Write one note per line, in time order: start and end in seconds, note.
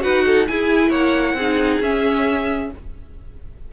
0.00 0.48 D#4
0.00 0.45 F#4
0.00 0.25 B4
0.00 0.46 F#5
0.25 0.48 A4
0.47 1.38 E4
0.47 0.89 E4
0.47 0.89 G#4
0.47 0.91 G#5
0.89 1.33 A#3
0.89 1.34 C#5
0.89 1.80 F#5
1.33 1.78 C4
1.33 2.71 G#4
1.40 1.83 D#4
1.80 2.69 C#4
1.80 2.73 C#4
1.80 2.72 E5